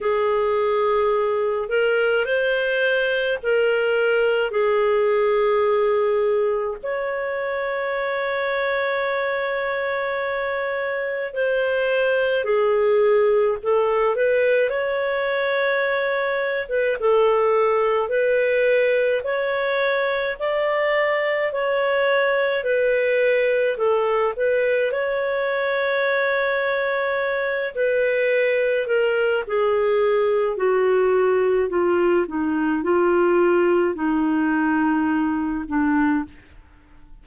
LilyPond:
\new Staff \with { instrumentName = "clarinet" } { \time 4/4 \tempo 4 = 53 gis'4. ais'8 c''4 ais'4 | gis'2 cis''2~ | cis''2 c''4 gis'4 | a'8 b'8 cis''4.~ cis''16 b'16 a'4 |
b'4 cis''4 d''4 cis''4 | b'4 a'8 b'8 cis''2~ | cis''8 b'4 ais'8 gis'4 fis'4 | f'8 dis'8 f'4 dis'4. d'8 | }